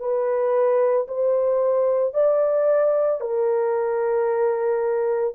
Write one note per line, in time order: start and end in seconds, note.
0.00 1.07 B4
1.08 2.14 C5
2.14 3.21 D5
3.21 5.35 A#4